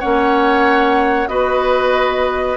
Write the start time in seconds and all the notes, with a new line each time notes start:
0.00 A#3 C#4 C#5 F#5
1.28 B3 F#4 B4 D#5